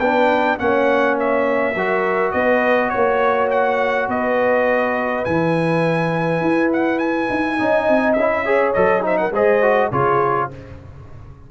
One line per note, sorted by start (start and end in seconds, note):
0.00 0.59 B3
0.00 0.59 D4
0.00 0.58 B4
0.00 0.58 G5
0.59 1.75 A#3
0.59 1.75 C#4
0.59 1.76 C#5
0.59 1.18 F#5
1.20 2.32 E5
1.75 2.33 F#3
1.75 5.26 F#4
1.75 2.34 A#4
2.32 2.93 B3
2.32 2.92 B4
2.32 2.90 D#5
2.90 4.09 A#3
2.90 3.48 C#5
2.90 4.09 C#5
3.51 4.09 F#5
4.09 5.25 B3
4.09 7.58 B4
4.09 5.25 D#5
5.25 6.42 E3
5.25 7.59 E4
5.25 6.71 G#5
6.42 7.29 E4
6.73 6.99 F#5
6.99 8.14 G#5
7.30 7.60 D#4
7.59 7.89 C#4
7.59 8.17 D#4
7.59 8.45 D#5
7.89 8.17 C4
8.14 8.75 C#4
8.14 8.72 E5
8.20 8.46 E4
8.45 8.75 G#4
8.45 9.03 C#5
8.74 9.32 F#3
8.74 9.02 A4
8.74 9.03 D#5
9.02 9.31 D#4
9.02 9.19 C5
9.02 9.18 E5
9.18 9.34 A#4
9.18 9.32 F#5
9.32 9.90 G#3
9.32 9.63 G#4
9.32 9.91 C5
9.32 9.92 D#5
9.63 9.92 F#4
9.91 10.50 C#3
9.91 10.51 F4
9.91 10.50 G#4
9.91 10.51 C#5